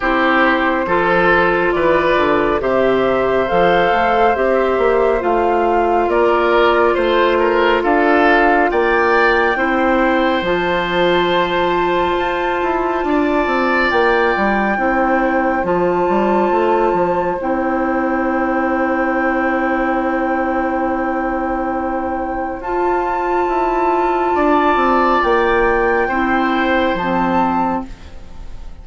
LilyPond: <<
  \new Staff \with { instrumentName = "flute" } { \time 4/4 \tempo 4 = 69 c''2 d''4 e''4 | f''4 e''4 f''4 d''4 | c''4 f''4 g''2 | a''1 |
g''2 a''2 | g''1~ | g''2 a''2~ | a''4 g''2 a''4 | }
  \new Staff \with { instrumentName = "oboe" } { \time 4/4 g'4 a'4 b'4 c''4~ | c''2. ais'4 | c''8 ais'8 a'4 d''4 c''4~ | c''2. d''4~ |
d''4 c''2.~ | c''1~ | c''1 | d''2 c''2 | }
  \new Staff \with { instrumentName = "clarinet" } { \time 4/4 e'4 f'2 g'4 | a'4 g'4 f'2~ | f'2. e'4 | f'1~ |
f'4 e'4 f'2 | e'1~ | e'2 f'2~ | f'2 e'4 c'4 | }
  \new Staff \with { instrumentName = "bassoon" } { \time 4/4 c'4 f4 e8 d8 c4 | f8 a8 c'8 ais8 a4 ais4 | a4 d'4 ais4 c'4 | f2 f'8 e'8 d'8 c'8 |
ais8 g8 c'4 f8 g8 a8 f8 | c'1~ | c'2 f'4 e'4 | d'8 c'8 ais4 c'4 f4 | }
>>